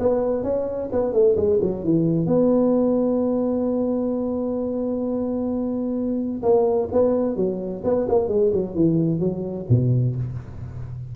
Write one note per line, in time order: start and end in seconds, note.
0.00 0.44 B3
0.44 0.90 C#4
0.92 1.13 B3
1.13 1.36 A3
1.37 1.60 G#3
1.62 1.84 F#3
1.84 2.27 E3
2.27 6.42 B3
6.43 6.89 A#3
6.92 7.37 B3
7.37 7.83 F#3
7.84 8.07 B3
8.09 8.28 A#3
8.28 8.52 G#3
8.53 8.75 F#3
8.75 9.20 E3
9.20 9.66 F#3
9.70 10.16 B2